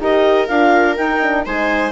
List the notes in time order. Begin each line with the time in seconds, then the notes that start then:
0.00 D#4 G4 A#4 D#5
0.48 D4 F4 F5
0.96 D#4 G5
1.22 D4
1.46 G#3 D#4 C5 G#5